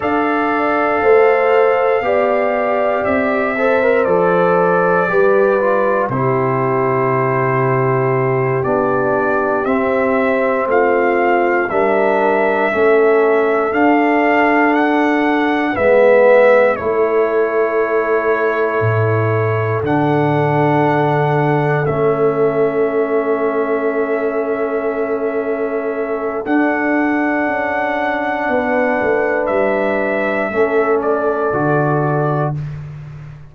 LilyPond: <<
  \new Staff \with { instrumentName = "trumpet" } { \time 4/4 \tempo 4 = 59 f''2. e''4 | d''2 c''2~ | c''8 d''4 e''4 f''4 e''8~ | e''4. f''4 fis''4 e''8~ |
e''8 cis''2. fis''8~ | fis''4. e''2~ e''8~ | e''2 fis''2~ | fis''4 e''4. d''4. | }
  \new Staff \with { instrumentName = "horn" } { \time 4/4 d''4 c''4 d''4. c''8~ | c''4 b'4 g'2~ | g'2~ g'8 f'4 ais'8~ | ais'8 a'2. b'8~ |
b'8 a'2.~ a'8~ | a'1~ | a'1 | b'2 a'2 | }
  \new Staff \with { instrumentName = "trombone" } { \time 4/4 a'2 g'4. a'16 ais'16 | a'4 g'8 f'8 e'2~ | e'8 d'4 c'2 d'8~ | d'8 cis'4 d'2 b8~ |
b8 e'2. d'8~ | d'4. cis'2~ cis'8~ | cis'2 d'2~ | d'2 cis'4 fis'4 | }
  \new Staff \with { instrumentName = "tuba" } { \time 4/4 d'4 a4 b4 c'4 | f4 g4 c2~ | c8 b4 c'4 a4 g8~ | g8 a4 d'2 gis8~ |
gis8 a2 a,4 d8~ | d4. a2~ a8~ | a2 d'4 cis'4 | b8 a8 g4 a4 d4 | }
>>